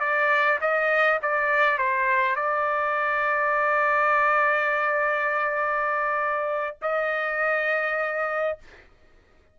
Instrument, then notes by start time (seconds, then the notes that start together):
trumpet
0.00 D5
0.61 D#5
1.22 D5
1.78 C5
2.36 D5
6.82 D#5